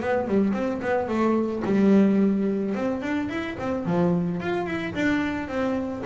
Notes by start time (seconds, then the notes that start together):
0.00 B3
0.27 G3
0.53 C4
0.81 B3
1.08 A3
1.64 G3
2.74 C4
3.02 D4
3.29 E4
3.59 C4
3.85 F3
4.40 F4
4.66 E4
4.94 D4
5.48 C4